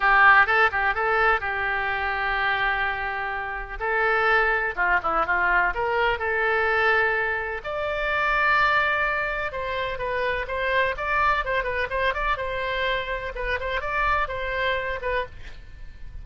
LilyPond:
\new Staff \with { instrumentName = "oboe" } { \time 4/4 \tempo 4 = 126 g'4 a'8 g'8 a'4 g'4~ | g'1 | a'2 f'8 e'8 f'4 | ais'4 a'2. |
d''1 | c''4 b'4 c''4 d''4 | c''8 b'8 c''8 d''8 c''2 | b'8 c''8 d''4 c''4. b'8 | }